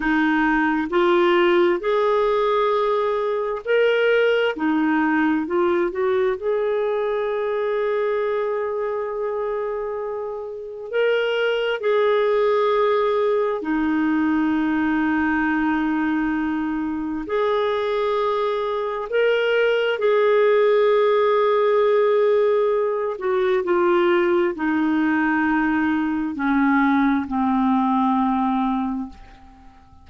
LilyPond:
\new Staff \with { instrumentName = "clarinet" } { \time 4/4 \tempo 4 = 66 dis'4 f'4 gis'2 | ais'4 dis'4 f'8 fis'8 gis'4~ | gis'1 | ais'4 gis'2 dis'4~ |
dis'2. gis'4~ | gis'4 ais'4 gis'2~ | gis'4. fis'8 f'4 dis'4~ | dis'4 cis'4 c'2 | }